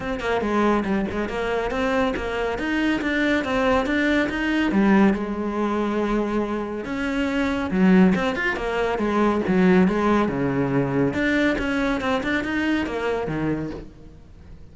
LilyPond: \new Staff \with { instrumentName = "cello" } { \time 4/4 \tempo 4 = 140 c'8 ais8 gis4 g8 gis8 ais4 | c'4 ais4 dis'4 d'4 | c'4 d'4 dis'4 g4 | gis1 |
cis'2 fis4 c'8 f'8 | ais4 gis4 fis4 gis4 | cis2 d'4 cis'4 | c'8 d'8 dis'4 ais4 dis4 | }